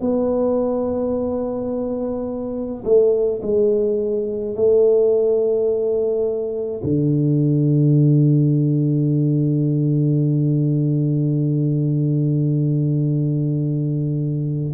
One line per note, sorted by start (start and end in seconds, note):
0.00 2.83 B3
2.84 3.41 A3
3.42 4.55 G#3
4.55 6.81 A3
6.83 14.74 D3